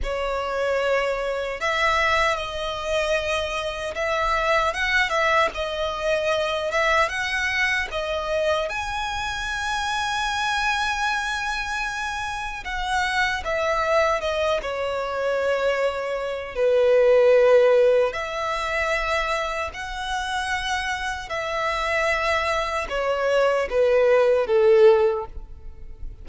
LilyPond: \new Staff \with { instrumentName = "violin" } { \time 4/4 \tempo 4 = 76 cis''2 e''4 dis''4~ | dis''4 e''4 fis''8 e''8 dis''4~ | dis''8 e''8 fis''4 dis''4 gis''4~ | gis''1 |
fis''4 e''4 dis''8 cis''4.~ | cis''4 b'2 e''4~ | e''4 fis''2 e''4~ | e''4 cis''4 b'4 a'4 | }